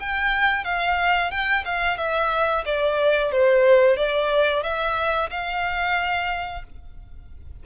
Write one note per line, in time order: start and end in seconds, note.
0.00 0.65 G5
0.65 1.32 F5
1.32 1.65 G5
1.65 1.98 F5
1.98 2.65 E5
2.66 3.32 D5
3.32 3.97 C5
3.97 4.63 D5
4.63 5.30 E5
5.30 6.64 F5